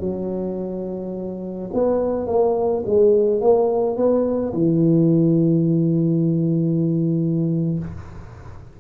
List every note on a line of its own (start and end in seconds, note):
0.00 1.70 F#3
1.73 2.27 B3
2.27 2.83 A#3
2.86 3.41 G#3
3.41 3.96 A#3
3.96 4.53 B3
4.53 7.79 E3